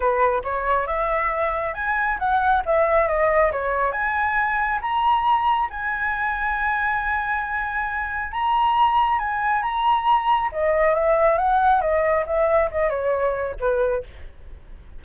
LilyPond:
\new Staff \with { instrumentName = "flute" } { \time 4/4 \tempo 4 = 137 b'4 cis''4 e''2 | gis''4 fis''4 e''4 dis''4 | cis''4 gis''2 ais''4~ | ais''4 gis''2.~ |
gis''2. ais''4~ | ais''4 gis''4 ais''2 | dis''4 e''4 fis''4 dis''4 | e''4 dis''8 cis''4. b'4 | }